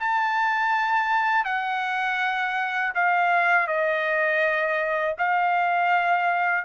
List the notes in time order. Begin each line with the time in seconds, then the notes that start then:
0.00 A5
1.45 F#5
2.95 F5
3.68 D#5
5.19 F5